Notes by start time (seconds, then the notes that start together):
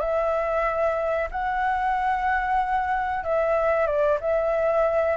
0.00 E5
1.31 F#5
3.24 E5
3.87 D5
4.21 E5